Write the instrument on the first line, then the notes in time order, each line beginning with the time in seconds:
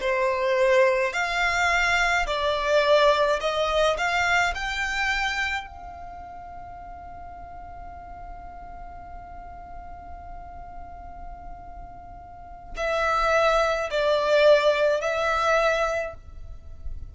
violin
0.00 C5
1.13 F5
2.26 D5
3.40 D#5
3.97 F5
4.54 G5
5.67 F5
12.77 E5
13.90 D5
15.01 E5